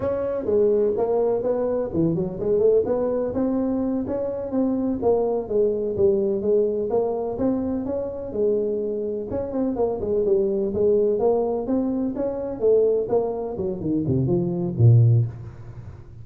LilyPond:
\new Staff \with { instrumentName = "tuba" } { \time 4/4 \tempo 4 = 126 cis'4 gis4 ais4 b4 | e8 fis8 gis8 a8 b4 c'4~ | c'8 cis'4 c'4 ais4 gis8~ | gis8 g4 gis4 ais4 c'8~ |
c'8 cis'4 gis2 cis'8 | c'8 ais8 gis8 g4 gis4 ais8~ | ais8 c'4 cis'4 a4 ais8~ | ais8 fis8 dis8 c8 f4 ais,4 | }